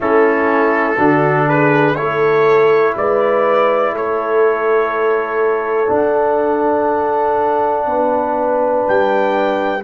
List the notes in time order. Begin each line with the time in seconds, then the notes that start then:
0.00 A3 C#4 E4 A4
0.97 D3 D4 F#4
1.46 G#4 B4
1.94 A3 E4 A4 C#5
2.96 G#3 B4 D5
3.91 A3 A4 C#5
5.86 D4
5.92 F#5
7.86 B3 B4
8.88 G3 G5